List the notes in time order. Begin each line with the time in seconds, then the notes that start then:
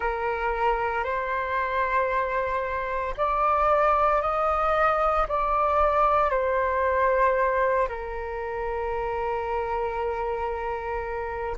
0.00 A#4
1.03 C5
3.17 D5
4.21 D#5
5.28 D5
6.30 C5
7.88 A#4